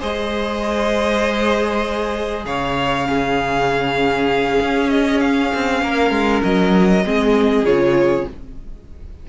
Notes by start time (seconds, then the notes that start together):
0.00 G#3 G#4 C5 D#5
2.45 C#3 C#5 F5
3.06 C#4 G#4
4.61 C#4
4.90 D#5
5.20 F5
5.54 C4
5.82 A#3 A#4
6.11 G#3
6.43 F#3 D#5
7.04 G#3 C4 G#4
7.63 C#3 F4 C#5